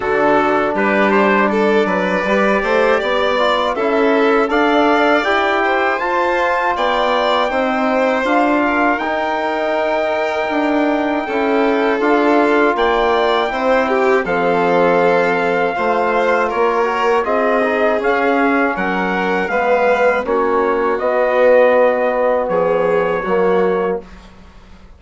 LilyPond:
<<
  \new Staff \with { instrumentName = "trumpet" } { \time 4/4 \tempo 4 = 80 a'4 b'8 c''8 d''2~ | d''4 e''4 f''4 g''4 | a''4 g''2 f''4 | g''1 |
f''4 g''2 f''4~ | f''2 cis''4 dis''4 | f''4 fis''4 f''4 cis''4 | dis''2 cis''2 | }
  \new Staff \with { instrumentName = "violin" } { \time 4/4 fis'4 g'4 a'8 b'4 c''8 | d''4 a'4 d''4. c''8~ | c''4 d''4 c''4. ais'8~ | ais'2. a'4~ |
a'4 d''4 c''8 g'8 a'4~ | a'4 c''4 ais'4 gis'4~ | gis'4 ais'4 b'4 fis'4~ | fis'2 gis'4 fis'4 | }
  \new Staff \with { instrumentName = "trombone" } { \time 4/4 d'2. g'4~ | g'8 f'8 e'4 a'4 g'4 | f'2 dis'4 f'4 | dis'2. e'4 |
f'2 e'4 c'4~ | c'4 f'4. fis'8 f'8 dis'8 | cis'2 b4 cis'4 | b2. ais4 | }
  \new Staff \with { instrumentName = "bassoon" } { \time 4/4 d4 g4. fis8 g8 a8 | b4 cis'4 d'4 e'4 | f'4 b4 c'4 d'4 | dis'2 d'4 cis'4 |
d'4 ais4 c'4 f4~ | f4 a4 ais4 c'4 | cis'4 fis4 gis4 ais4 | b2 f4 fis4 | }
>>